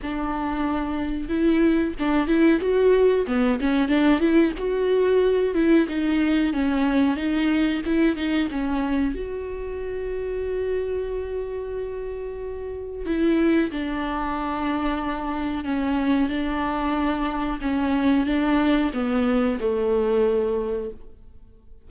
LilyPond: \new Staff \with { instrumentName = "viola" } { \time 4/4 \tempo 4 = 92 d'2 e'4 d'8 e'8 | fis'4 b8 cis'8 d'8 e'8 fis'4~ | fis'8 e'8 dis'4 cis'4 dis'4 | e'8 dis'8 cis'4 fis'2~ |
fis'1 | e'4 d'2. | cis'4 d'2 cis'4 | d'4 b4 a2 | }